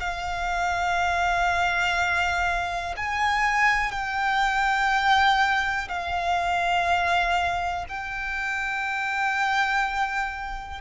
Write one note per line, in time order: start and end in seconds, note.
0.00 2.95 F5
2.97 3.92 G#5
3.92 5.89 G5
5.89 7.86 F5
7.89 10.81 G5